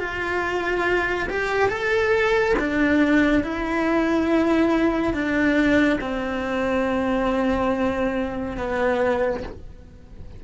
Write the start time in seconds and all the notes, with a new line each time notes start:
0.00 F4
1.29 G4
1.69 A4
2.59 D4
3.44 E4
5.14 D4
6.01 C4
8.58 B3